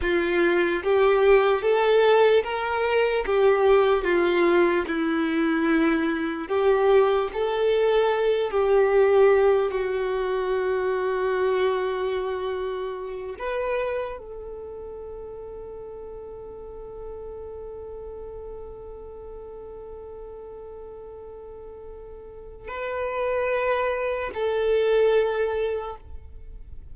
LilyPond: \new Staff \with { instrumentName = "violin" } { \time 4/4 \tempo 4 = 74 f'4 g'4 a'4 ais'4 | g'4 f'4 e'2 | g'4 a'4. g'4. | fis'1~ |
fis'8 b'4 a'2~ a'8~ | a'1~ | a'1 | b'2 a'2 | }